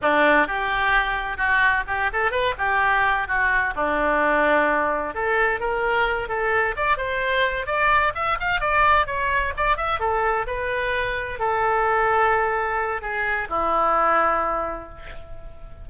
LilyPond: \new Staff \with { instrumentName = "oboe" } { \time 4/4 \tempo 4 = 129 d'4 g'2 fis'4 | g'8 a'8 b'8 g'4. fis'4 | d'2. a'4 | ais'4. a'4 d''8 c''4~ |
c''8 d''4 e''8 f''8 d''4 cis''8~ | cis''8 d''8 e''8 a'4 b'4.~ | b'8 a'2.~ a'8 | gis'4 e'2. | }